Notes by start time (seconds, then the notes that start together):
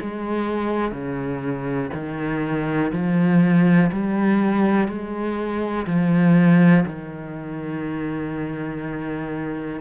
0.00 G#3
0.92 C#3
1.93 D#3
2.92 F3
3.91 G3
4.87 G#3
5.86 F3
6.85 D#3